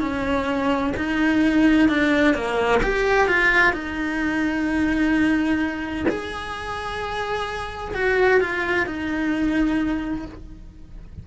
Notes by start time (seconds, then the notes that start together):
0.00 C#4
0.96 D#4
1.88 D4
2.34 A#3
2.82 G4
3.28 F4
3.73 D#4
6.08 G#4
7.94 F#4
8.41 F4
8.86 D#4